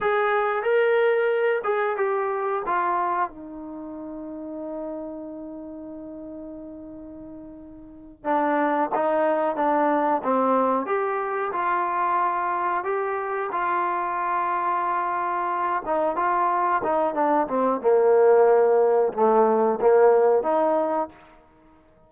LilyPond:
\new Staff \with { instrumentName = "trombone" } { \time 4/4 \tempo 4 = 91 gis'4 ais'4. gis'8 g'4 | f'4 dis'2.~ | dis'1~ | dis'8 d'4 dis'4 d'4 c'8~ |
c'8 g'4 f'2 g'8~ | g'8 f'2.~ f'8 | dis'8 f'4 dis'8 d'8 c'8 ais4~ | ais4 a4 ais4 dis'4 | }